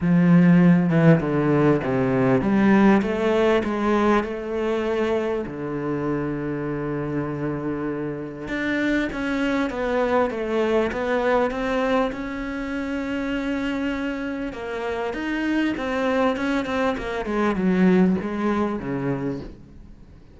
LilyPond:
\new Staff \with { instrumentName = "cello" } { \time 4/4 \tempo 4 = 99 f4. e8 d4 c4 | g4 a4 gis4 a4~ | a4 d2.~ | d2 d'4 cis'4 |
b4 a4 b4 c'4 | cis'1 | ais4 dis'4 c'4 cis'8 c'8 | ais8 gis8 fis4 gis4 cis4 | }